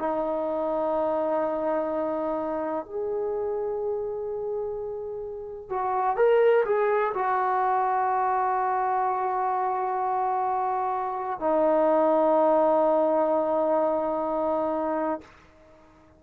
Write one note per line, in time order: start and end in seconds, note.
0.00 2.86 D#4
2.86 5.70 G#4
5.70 6.17 F#4
6.17 6.65 A#4
6.65 7.13 G#4
7.14 11.40 F#4
11.40 15.21 D#4